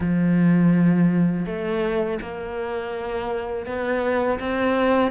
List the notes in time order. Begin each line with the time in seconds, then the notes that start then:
0.00 F3
1.46 A3
2.21 A#3
3.66 B3
4.39 C4